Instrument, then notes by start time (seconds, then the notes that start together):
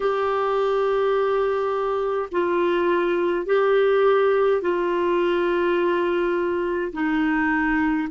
clarinet
0.00 G4
2.31 F4
3.46 G4
4.61 F4
6.92 D#4